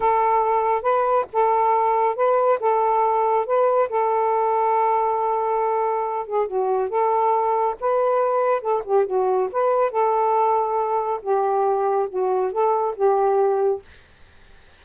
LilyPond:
\new Staff \with { instrumentName = "saxophone" } { \time 4/4 \tempo 4 = 139 a'2 b'4 a'4~ | a'4 b'4 a'2 | b'4 a'2.~ | a'2~ a'8 gis'8 fis'4 |
a'2 b'2 | a'8 g'8 fis'4 b'4 a'4~ | a'2 g'2 | fis'4 a'4 g'2 | }